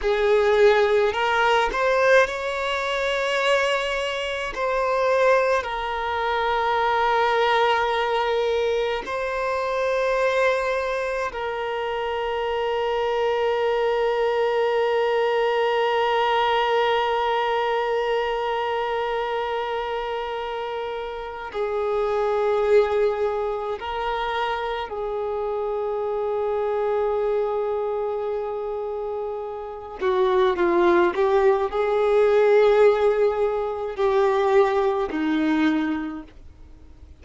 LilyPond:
\new Staff \with { instrumentName = "violin" } { \time 4/4 \tempo 4 = 53 gis'4 ais'8 c''8 cis''2 | c''4 ais'2. | c''2 ais'2~ | ais'1~ |
ais'2. gis'4~ | gis'4 ais'4 gis'2~ | gis'2~ gis'8 fis'8 f'8 g'8 | gis'2 g'4 dis'4 | }